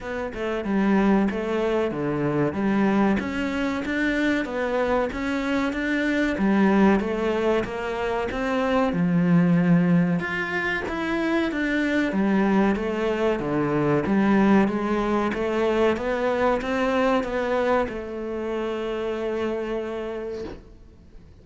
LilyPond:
\new Staff \with { instrumentName = "cello" } { \time 4/4 \tempo 4 = 94 b8 a8 g4 a4 d4 | g4 cis'4 d'4 b4 | cis'4 d'4 g4 a4 | ais4 c'4 f2 |
f'4 e'4 d'4 g4 | a4 d4 g4 gis4 | a4 b4 c'4 b4 | a1 | }